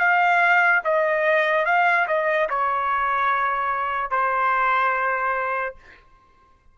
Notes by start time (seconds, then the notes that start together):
0.00 F5
0.85 D#5
1.66 F5
2.08 D#5
2.50 C#5
4.11 C5